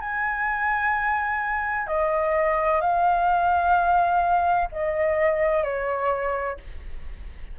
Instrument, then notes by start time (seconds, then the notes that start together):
flute
0.00 G#5
1.87 D#5
2.80 F5
4.71 D#5
5.63 C#5